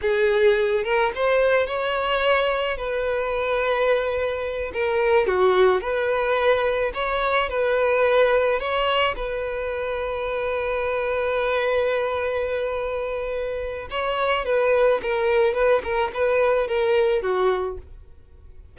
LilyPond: \new Staff \with { instrumentName = "violin" } { \time 4/4 \tempo 4 = 108 gis'4. ais'8 c''4 cis''4~ | cis''4 b'2.~ | b'8 ais'4 fis'4 b'4.~ | b'8 cis''4 b'2 cis''8~ |
cis''8 b'2.~ b'8~ | b'1~ | b'4 cis''4 b'4 ais'4 | b'8 ais'8 b'4 ais'4 fis'4 | }